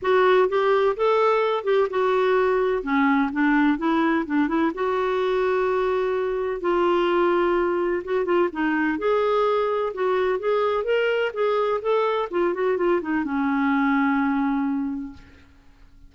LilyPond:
\new Staff \with { instrumentName = "clarinet" } { \time 4/4 \tempo 4 = 127 fis'4 g'4 a'4. g'8 | fis'2 cis'4 d'4 | e'4 d'8 e'8 fis'2~ | fis'2 f'2~ |
f'4 fis'8 f'8 dis'4 gis'4~ | gis'4 fis'4 gis'4 ais'4 | gis'4 a'4 f'8 fis'8 f'8 dis'8 | cis'1 | }